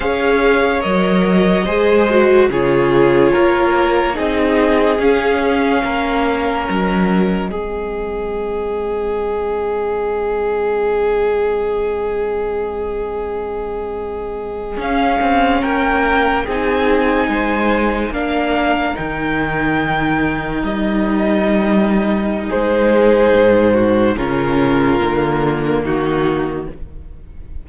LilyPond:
<<
  \new Staff \with { instrumentName = "violin" } { \time 4/4 \tempo 4 = 72 f''4 dis''2 cis''4~ | cis''4 dis''4 f''2 | dis''1~ | dis''1~ |
dis''4.~ dis''16 f''4 g''4 gis''16~ | gis''4.~ gis''16 f''4 g''4~ g''16~ | g''8. dis''2~ dis''16 c''4~ | c''4 ais'2 fis'4 | }
  \new Staff \with { instrumentName = "violin" } { \time 4/4 cis''2 c''4 gis'4 | ais'4 gis'2 ais'4~ | ais'4 gis'2.~ | gis'1~ |
gis'2~ gis'8. ais'4 gis'16~ | gis'8. c''4 ais'2~ ais'16~ | ais'2. gis'4~ | gis'8 fis'8 f'2 dis'4 | }
  \new Staff \with { instrumentName = "viola" } { \time 4/4 gis'4 ais'4 gis'8 fis'8 f'4~ | f'4 dis'4 cis'2~ | cis'4 c'2.~ | c'1~ |
c'4.~ c'16 cis'2 dis'16~ | dis'4.~ dis'16 d'4 dis'4~ dis'16~ | dis'1~ | dis'4 cis'4 ais2 | }
  \new Staff \with { instrumentName = "cello" } { \time 4/4 cis'4 fis4 gis4 cis4 | ais4 c'4 cis'4 ais4 | fis4 gis2.~ | gis1~ |
gis4.~ gis16 cis'8 c'8 ais4 c'16~ | c'8. gis4 ais4 dis4~ dis16~ | dis8. g2~ g16 gis4 | gis,4 cis4 d4 dis4 | }
>>